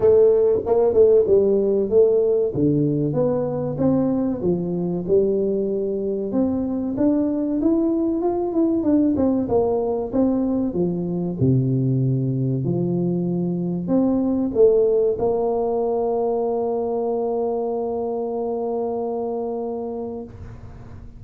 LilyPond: \new Staff \with { instrumentName = "tuba" } { \time 4/4 \tempo 4 = 95 a4 ais8 a8 g4 a4 | d4 b4 c'4 f4 | g2 c'4 d'4 | e'4 f'8 e'8 d'8 c'8 ais4 |
c'4 f4 c2 | f2 c'4 a4 | ais1~ | ais1 | }